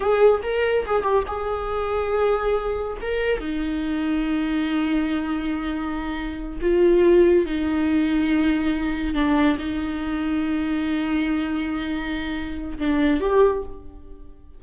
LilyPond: \new Staff \with { instrumentName = "viola" } { \time 4/4 \tempo 4 = 141 gis'4 ais'4 gis'8 g'8 gis'4~ | gis'2. ais'4 | dis'1~ | dis'2.~ dis'8 f'8~ |
f'4. dis'2~ dis'8~ | dis'4. d'4 dis'4.~ | dis'1~ | dis'2 d'4 g'4 | }